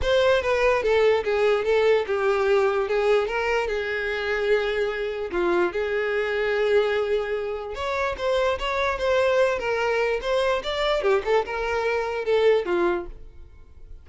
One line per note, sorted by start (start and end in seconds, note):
0.02 0.41 C5
0.41 0.82 B4
0.82 1.23 A4
1.24 1.64 G#4
1.65 2.05 A4
2.06 2.88 G4
2.88 3.27 G#4
3.27 3.67 A#4
3.67 5.31 G#4
5.31 5.72 F4
5.72 7.74 G#4
7.74 8.15 C#5
8.17 8.58 C5
8.58 8.98 C#5
8.98 9.58 C5
9.58 10.19 A#4
10.21 10.62 C5
10.63 11.02 D5
11.02 11.22 G4
11.24 11.45 A4
11.45 12.24 A#4
12.24 12.65 A4
12.65 13.06 F4